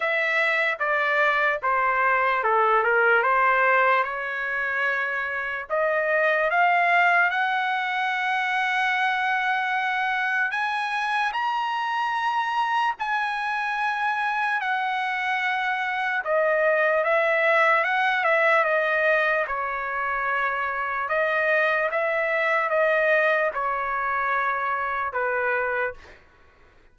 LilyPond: \new Staff \with { instrumentName = "trumpet" } { \time 4/4 \tempo 4 = 74 e''4 d''4 c''4 a'8 ais'8 | c''4 cis''2 dis''4 | f''4 fis''2.~ | fis''4 gis''4 ais''2 |
gis''2 fis''2 | dis''4 e''4 fis''8 e''8 dis''4 | cis''2 dis''4 e''4 | dis''4 cis''2 b'4 | }